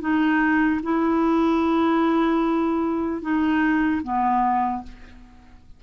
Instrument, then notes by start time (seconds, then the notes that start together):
clarinet
0.00 D#4
0.83 E4
3.21 D#4
4.03 B3